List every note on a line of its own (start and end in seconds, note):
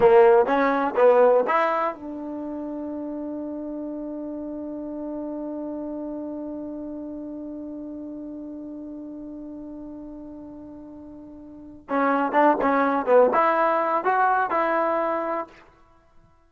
0.00 0.46 A#3
0.46 0.94 C#4
0.95 1.44 B3
1.47 1.95 E4
1.95 11.87 D4
11.89 12.32 C#4
12.32 12.56 D4
12.61 13.05 C#4
13.05 13.30 B3
13.33 14.04 E4
14.04 14.50 F#4
14.50 15.47 E4